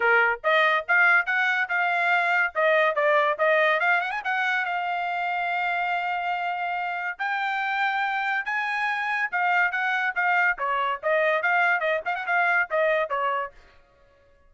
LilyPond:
\new Staff \with { instrumentName = "trumpet" } { \time 4/4 \tempo 4 = 142 ais'4 dis''4 f''4 fis''4 | f''2 dis''4 d''4 | dis''4 f''8 fis''16 gis''16 fis''4 f''4~ | f''1~ |
f''4 g''2. | gis''2 f''4 fis''4 | f''4 cis''4 dis''4 f''4 | dis''8 f''16 fis''16 f''4 dis''4 cis''4 | }